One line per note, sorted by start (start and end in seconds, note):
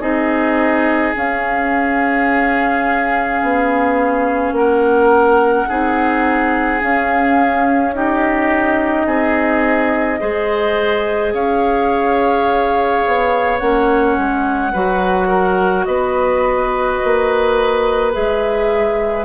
0.00 1.13 C4
0.00 1.14 D#4
0.00 4.53 G#4
0.00 1.13 D#5
1.14 5.67 C#4
1.14 3.42 C#4
1.14 4.54 F5
3.42 4.51 B3
4.51 5.65 A#3
4.51 5.68 A#4
4.51 6.81 F#5
5.68 6.82 C4
5.68 6.80 D#4
5.68 7.94 G#4
6.80 7.93 C#4
6.80 9.05 C#4
6.80 7.94 F5
7.93 10.19 D#4
7.93 9.06 G4
7.93 11.33 D#5
9.05 10.19 C4
9.05 10.20 G#4
10.19 11.33 G#3
10.19 13.59 G#4
10.19 11.33 C5
11.33 13.03 C#4
11.33 14.72 C#5
11.33 13.58 F5
13.06 13.61 B3
13.58 14.17 A#3
13.58 14.73 C#4
13.58 15.85 F#5
14.18 14.74 G#3
14.72 15.87 F#3
14.72 18.12 F#4
14.72 15.27 B4
15.27 15.84 A#4
15.85 17.00 B3
15.85 19.25 B4
15.85 18.11 D#5
17.04 18.16 A#3
18.12 19.25 G#3
18.12 19.25 G#4
18.12 19.25 E5